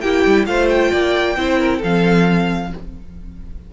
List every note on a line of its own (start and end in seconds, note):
0.00 0.24 A#3
0.00 0.46 E4
0.00 0.46 G4
0.00 0.45 G5
0.26 0.47 G3
0.46 0.92 A3
0.46 1.36 F4
0.46 0.91 C5
0.46 0.68 F5
0.69 1.81 G5
0.91 1.36 A#3
0.91 1.36 D5
1.36 1.81 C4
1.36 1.82 E4
1.36 1.59 C5
1.59 1.78 A#4
1.78 2.72 F3
1.78 2.71 C4
1.78 2.67 A4
1.78 2.73 F5